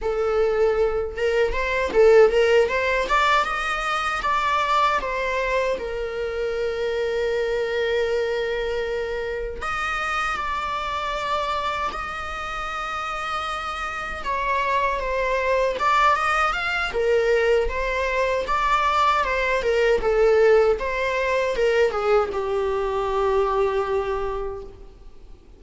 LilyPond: \new Staff \with { instrumentName = "viola" } { \time 4/4 \tempo 4 = 78 a'4. ais'8 c''8 a'8 ais'8 c''8 | d''8 dis''4 d''4 c''4 ais'8~ | ais'1~ | ais'8 dis''4 d''2 dis''8~ |
dis''2~ dis''8 cis''4 c''8~ | c''8 d''8 dis''8 f''8 ais'4 c''4 | d''4 c''8 ais'8 a'4 c''4 | ais'8 gis'8 g'2. | }